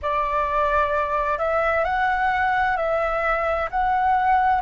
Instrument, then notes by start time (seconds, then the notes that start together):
flute
0.02 D5
1.38 E5
1.84 F#5
2.77 E5
3.70 F#5